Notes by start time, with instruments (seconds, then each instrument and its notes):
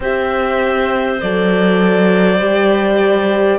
0.00 cello C4, horn G4, clarinet C5, violin E5
1.21 cello F#3, horn A4, violin D5
2.39 cello G3, horn G4